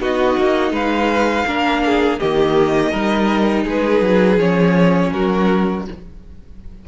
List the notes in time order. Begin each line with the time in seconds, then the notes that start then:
0.00 B3 D#4 F#4 D#5
0.38 A#3
0.72 G#3 B4 F5
1.47 A#3 D4 A#4
1.86 G#4
2.19 D#3 A#3 G4 D#5
2.91 G3 D#4 A#4
3.64 G#3 G#4 B4
4.01 F#3
4.37 F3 C#4 C#5
5.12 F#3 F#4 A#4